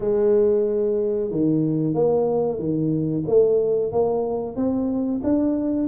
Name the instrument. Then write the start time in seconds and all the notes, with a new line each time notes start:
tuba
0.00 G#3
1.30 D#3
1.94 A#3
2.58 D#3
3.27 A3
3.92 A#3
4.55 C4
5.24 D4